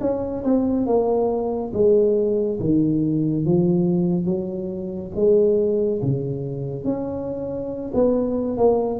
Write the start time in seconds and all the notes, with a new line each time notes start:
0.00 C#4
0.44 C4
0.86 A#3
1.73 G#3
2.59 D#3
3.45 F3
4.25 F#3
5.15 G#3
6.02 C#3
6.84 C#4
7.94 B3
8.57 A#3